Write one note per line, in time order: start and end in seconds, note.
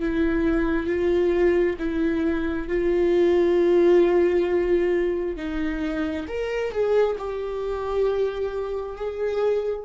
0.00 0.87 E4
0.87 1.77 F4
1.79 2.68 E4
2.68 5.37 F4
5.37 6.26 D#4
6.28 6.72 A#4
6.72 7.16 G#4
7.18 8.96 G4
8.96 9.85 G#4